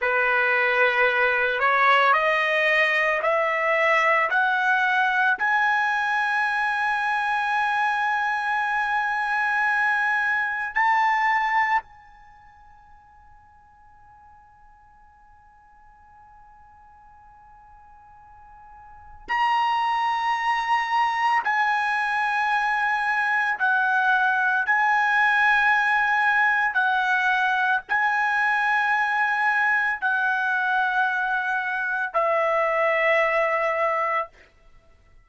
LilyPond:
\new Staff \with { instrumentName = "trumpet" } { \time 4/4 \tempo 4 = 56 b'4. cis''8 dis''4 e''4 | fis''4 gis''2.~ | gis''2 a''4 gis''4~ | gis''1~ |
gis''2 ais''2 | gis''2 fis''4 gis''4~ | gis''4 fis''4 gis''2 | fis''2 e''2 | }